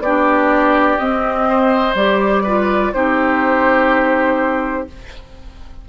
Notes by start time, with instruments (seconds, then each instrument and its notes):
0.00 bassoon B3, oboe G4, flute D5
0.06 clarinet D4
0.98 clarinet C4, bassoon C4, flute D#5
1.49 oboe C5
1.95 bassoon G3, clarinet G4, flute D5
2.43 clarinet F4, oboe B4
2.93 bassoon C4, clarinet D#4, oboe G4, flute C5